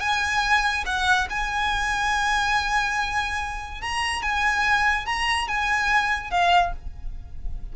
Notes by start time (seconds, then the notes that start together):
0.00 G#5
0.85 F#5
1.29 G#5
3.81 A#5
4.22 G#5
5.06 A#5
5.48 G#5
6.31 F5